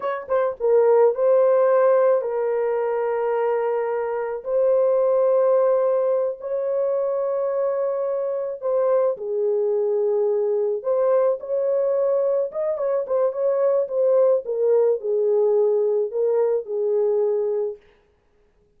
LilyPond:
\new Staff \with { instrumentName = "horn" } { \time 4/4 \tempo 4 = 108 cis''8 c''8 ais'4 c''2 | ais'1 | c''2.~ c''8 cis''8~ | cis''2.~ cis''8 c''8~ |
c''8 gis'2. c''8~ | c''8 cis''2 dis''8 cis''8 c''8 | cis''4 c''4 ais'4 gis'4~ | gis'4 ais'4 gis'2 | }